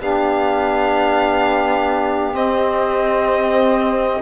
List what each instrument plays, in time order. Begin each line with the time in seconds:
0.00 cello B3, trombone D4, saxophone G4, violin F5
2.33 trombone C4, cello C4, violin D#5